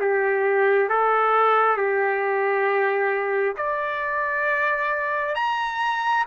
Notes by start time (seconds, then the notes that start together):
0.00 G4
0.89 A4
1.77 G4
3.57 D5
5.35 A#5